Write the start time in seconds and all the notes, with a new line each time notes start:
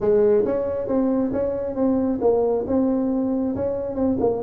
0.00 G#3
0.45 C#4
0.87 C4
1.32 C#4
1.75 C4
2.21 A#3
2.67 C4
3.55 C#4
3.95 C4
4.20 A#3